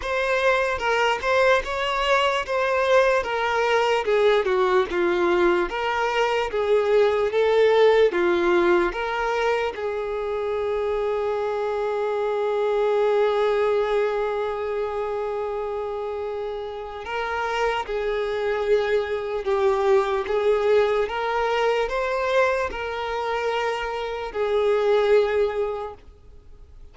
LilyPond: \new Staff \with { instrumentName = "violin" } { \time 4/4 \tempo 4 = 74 c''4 ais'8 c''8 cis''4 c''4 | ais'4 gis'8 fis'8 f'4 ais'4 | gis'4 a'4 f'4 ais'4 | gis'1~ |
gis'1~ | gis'4 ais'4 gis'2 | g'4 gis'4 ais'4 c''4 | ais'2 gis'2 | }